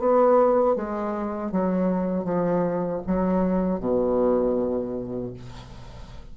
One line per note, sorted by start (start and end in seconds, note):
0.00 0.76 B3
0.76 1.52 G#3
1.52 2.25 F#3
2.25 3.02 F3
3.07 3.80 F#3
3.80 5.34 B2